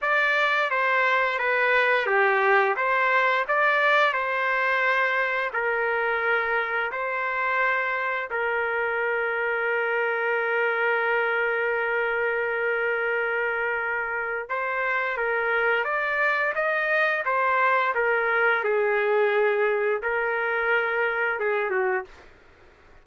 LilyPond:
\new Staff \with { instrumentName = "trumpet" } { \time 4/4 \tempo 4 = 87 d''4 c''4 b'4 g'4 | c''4 d''4 c''2 | ais'2 c''2 | ais'1~ |
ais'1~ | ais'4 c''4 ais'4 d''4 | dis''4 c''4 ais'4 gis'4~ | gis'4 ais'2 gis'8 fis'8 | }